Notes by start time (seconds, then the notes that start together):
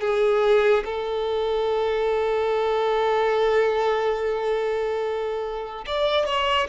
0.00 G#4
0.85 A4
5.86 D5
6.25 C#5